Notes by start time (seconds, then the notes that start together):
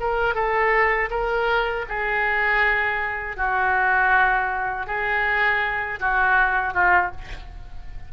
0.00 A#4
0.35 A4
1.11 A#4
1.89 G#4
3.37 F#4
4.87 G#4
6.00 F#4
6.74 F4